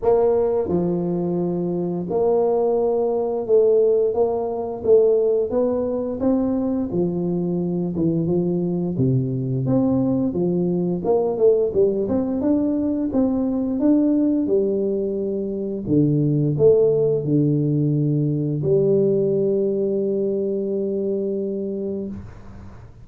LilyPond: \new Staff \with { instrumentName = "tuba" } { \time 4/4 \tempo 4 = 87 ais4 f2 ais4~ | ais4 a4 ais4 a4 | b4 c'4 f4. e8 | f4 c4 c'4 f4 |
ais8 a8 g8 c'8 d'4 c'4 | d'4 g2 d4 | a4 d2 g4~ | g1 | }